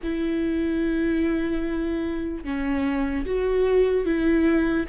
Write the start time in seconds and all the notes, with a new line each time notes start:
0.03 E4
2.44 C#4
3.25 F#4
4.05 E4